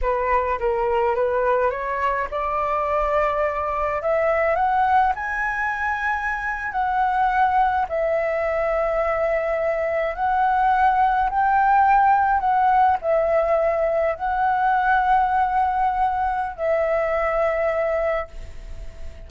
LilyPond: \new Staff \with { instrumentName = "flute" } { \time 4/4 \tempo 4 = 105 b'4 ais'4 b'4 cis''4 | d''2. e''4 | fis''4 gis''2~ gis''8. fis''16~ | fis''4.~ fis''16 e''2~ e''16~ |
e''4.~ e''16 fis''2 g''16~ | g''4.~ g''16 fis''4 e''4~ e''16~ | e''8. fis''2.~ fis''16~ | fis''4 e''2. | }